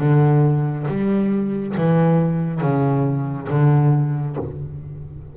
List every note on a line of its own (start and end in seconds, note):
0.00 0.87 D3
0.89 1.75 G3
1.77 2.61 E3
2.61 3.48 C#3
3.50 4.37 D3